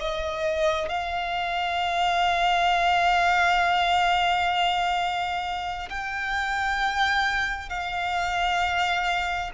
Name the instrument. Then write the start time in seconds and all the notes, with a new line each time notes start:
violin
0.00 D#5
0.89 F5
5.90 G5
7.69 F5